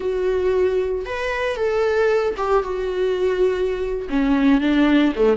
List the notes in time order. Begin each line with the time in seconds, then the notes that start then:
0.00 F#4
1.05 B4
1.56 A4
2.37 G4
2.63 F#4
4.09 C#4
4.60 D4
5.15 A3